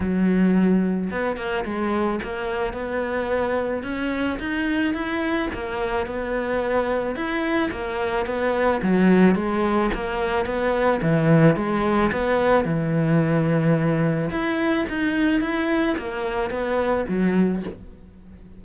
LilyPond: \new Staff \with { instrumentName = "cello" } { \time 4/4 \tempo 4 = 109 fis2 b8 ais8 gis4 | ais4 b2 cis'4 | dis'4 e'4 ais4 b4~ | b4 e'4 ais4 b4 |
fis4 gis4 ais4 b4 | e4 gis4 b4 e4~ | e2 e'4 dis'4 | e'4 ais4 b4 fis4 | }